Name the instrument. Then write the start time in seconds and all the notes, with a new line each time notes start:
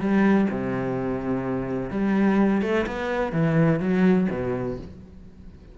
cello
0.00 G3
0.50 C3
1.90 G3
2.62 A3
2.87 B3
3.32 E3
3.80 F#3
4.31 B2